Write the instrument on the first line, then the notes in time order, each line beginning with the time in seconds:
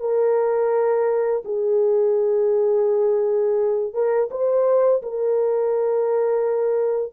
horn
0.00 A#4
1.45 G#4
3.94 A#4
4.31 C5
5.02 A#4